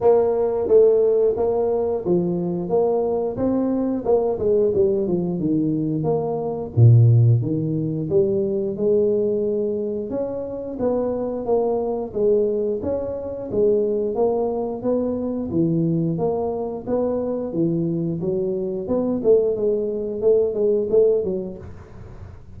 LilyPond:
\new Staff \with { instrumentName = "tuba" } { \time 4/4 \tempo 4 = 89 ais4 a4 ais4 f4 | ais4 c'4 ais8 gis8 g8 f8 | dis4 ais4 ais,4 dis4 | g4 gis2 cis'4 |
b4 ais4 gis4 cis'4 | gis4 ais4 b4 e4 | ais4 b4 e4 fis4 | b8 a8 gis4 a8 gis8 a8 fis8 | }